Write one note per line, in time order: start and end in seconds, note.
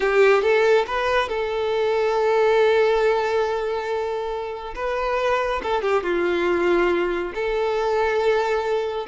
0.00 0.42 G4
0.42 0.85 A4
0.86 1.29 B4
1.29 4.74 A4
4.75 5.61 B4
5.63 5.81 A4
5.81 6.03 G4
6.03 7.32 F4
7.34 9.07 A4